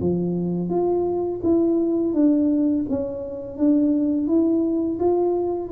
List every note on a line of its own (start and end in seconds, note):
0.00 0.69 F3
0.69 1.41 F4
1.44 2.14 E4
2.14 2.85 D4
2.89 3.57 C#4
3.57 4.27 D4
4.27 4.99 E4
4.99 5.71 F4